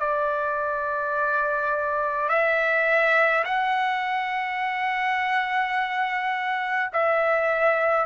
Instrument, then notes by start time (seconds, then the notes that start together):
trumpet
0.00 D5
2.29 E5
3.45 F#5
6.93 E5